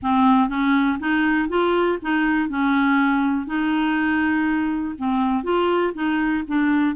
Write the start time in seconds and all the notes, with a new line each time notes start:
0.02 C4
0.48 C#4
0.99 D#4
1.48 F4
2.02 D#4
2.49 C#4
3.46 D#4
4.97 C4
5.43 F4
5.94 D#4
6.47 D4